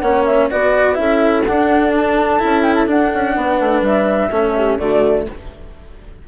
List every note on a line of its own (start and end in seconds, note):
0.00 0.50 A#3
0.00 0.51 C#4
0.00 0.48 C#5
0.00 0.24 F#5
0.25 0.49 E5
0.50 0.98 B3
0.50 0.95 F#4
0.50 0.98 B4
0.50 0.95 D5
0.95 1.46 C#4
0.95 1.43 E4
0.95 3.37 A4
0.95 1.43 E5
1.45 2.43 D4
1.45 2.39 D4
1.45 1.92 F#5
1.96 2.62 A5
2.39 2.87 C#4
2.39 2.87 E4
2.62 2.74 G5
2.75 2.87 A5
2.87 4.30 D4
2.87 3.11 D4
2.87 3.84 F#5
3.14 3.36 C#4
3.36 3.60 B3
3.36 4.31 B4
3.60 3.81 A3
3.81 4.29 G3
3.81 4.79 E5
4.31 4.78 A3
4.31 4.79 C#4
4.31 4.54 A4
4.57 4.80 G4
4.79 5.27 D3
4.79 5.27 A3
4.79 5.28 F#4
4.79 5.27 D5